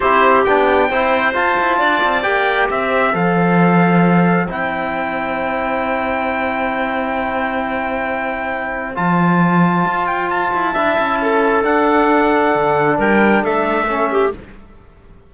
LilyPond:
<<
  \new Staff \with { instrumentName = "trumpet" } { \time 4/4 \tempo 4 = 134 c''4 g''2 a''4~ | a''4 g''4 e''4 f''4~ | f''2 g''2~ | g''1~ |
g''1 | a''2~ a''8 g''8 a''4~ | a''2 fis''2~ | fis''4 g''4 e''2 | }
  \new Staff \with { instrumentName = "clarinet" } { \time 4/4 g'2 c''2 | d''2 c''2~ | c''1~ | c''1~ |
c''1~ | c''1 | e''4 a'2.~ | a'4 ais'4 a'4. g'8 | }
  \new Staff \with { instrumentName = "trombone" } { \time 4/4 e'4 d'4 e'4 f'4~ | f'4 g'2 a'4~ | a'2 e'2~ | e'1~ |
e'1 | f'1 | e'2 d'2~ | d'2. cis'4 | }
  \new Staff \with { instrumentName = "cello" } { \time 4/4 c'4 b4 c'4 f'8 e'8 | d'8 c'8 ais4 c'4 f4~ | f2 c'2~ | c'1~ |
c'1 | f2 f'4. e'8 | d'8 cis'4. d'2 | d4 g4 a2 | }
>>